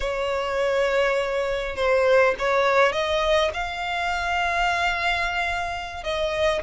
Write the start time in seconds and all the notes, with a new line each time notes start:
0.00 C#5
1.76 C5
2.39 C#5
2.92 D#5
3.53 F5
6.03 D#5